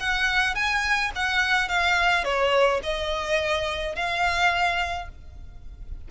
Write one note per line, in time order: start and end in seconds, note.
0.00 0.55 F#5
0.55 1.12 G#5
1.16 1.69 F#5
1.69 2.24 F5
2.24 2.81 C#5
2.83 3.96 D#5
3.96 5.09 F5